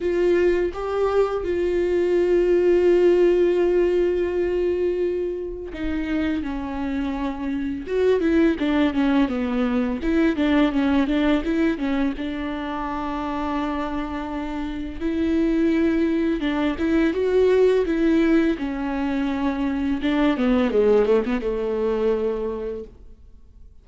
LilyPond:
\new Staff \with { instrumentName = "viola" } { \time 4/4 \tempo 4 = 84 f'4 g'4 f'2~ | f'1 | dis'4 cis'2 fis'8 e'8 | d'8 cis'8 b4 e'8 d'8 cis'8 d'8 |
e'8 cis'8 d'2.~ | d'4 e'2 d'8 e'8 | fis'4 e'4 cis'2 | d'8 b8 gis8 a16 b16 a2 | }